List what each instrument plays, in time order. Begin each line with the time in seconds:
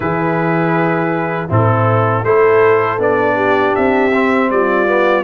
0.00 tuba E3, trombone E4, horn G#4, trumpet B4
1.48 tuba A2, trombone C4, horn E4, trumpet A4
2.23 tuba A3, trombone E4, horn A4, trumpet C5
2.98 tuba B3, trombone D4, trumpet D5
3.35 horn G4
3.75 tuba C4, trumpet E5
4.13 trombone C4
4.50 tuba G3, horn F4, trumpet D5
4.87 trombone B3